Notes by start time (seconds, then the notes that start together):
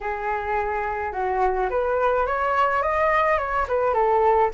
0.00 G#4
1.12 F#4
1.70 B4
2.26 C#5
2.82 D#5
3.38 C#5
3.68 B4
3.93 A4